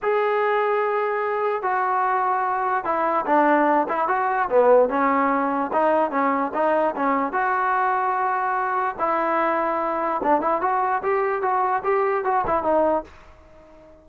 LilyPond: \new Staff \with { instrumentName = "trombone" } { \time 4/4 \tempo 4 = 147 gis'1 | fis'2. e'4 | d'4. e'8 fis'4 b4 | cis'2 dis'4 cis'4 |
dis'4 cis'4 fis'2~ | fis'2 e'2~ | e'4 d'8 e'8 fis'4 g'4 | fis'4 g'4 fis'8 e'8 dis'4 | }